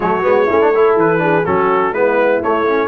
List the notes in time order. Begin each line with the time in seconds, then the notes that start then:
0.00 F#3 A3 F#4 C#5
0.22 G#3 B3
0.45 A3 C#4 E4
0.61 D4
0.74 E4 A4
0.95 E3 B4
1.18 D4 G#4
1.45 F#3 C#4 F#4 A4
1.91 G#3 B3 E4 B4
2.42 A3 C#5
2.66 C#4